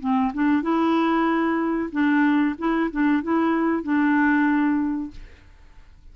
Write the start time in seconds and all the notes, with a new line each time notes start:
0.00 C4
0.34 D4
0.62 E4
1.92 D4
2.59 E4
2.91 D4
3.23 E4
3.83 D4